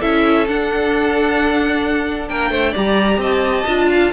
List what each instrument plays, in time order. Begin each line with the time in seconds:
0.00 cello C#4, viola E4, violin A4 E5
0.48 viola D4, cello D4, violin F#5
2.29 cello A#3, violin A#4 G5
2.51 cello A3, violin C5
2.71 cello G3, viola G4, violin D5 A#5
3.18 cello C4, violin D#5 A5
3.67 cello D4, viola F4
3.90 violin F5